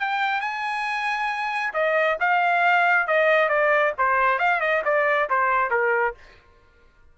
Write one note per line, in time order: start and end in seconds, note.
0.00 0.41 G5
0.41 1.73 G#5
1.74 2.18 D#5
2.20 3.07 F5
3.07 3.49 D#5
3.49 3.93 D5
3.98 4.39 C5
4.39 4.61 F5
4.61 4.83 D#5
4.85 5.29 D5
5.30 5.71 C5
5.71 6.15 A#4